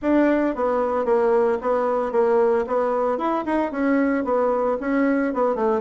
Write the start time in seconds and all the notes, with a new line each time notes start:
0.02 D4
0.55 B3
1.05 A#3
1.61 B3
2.11 A#3
2.66 B3
3.17 E4
3.45 D#4
3.71 C#4
4.24 B3
4.80 C#4
5.33 B3
5.55 A3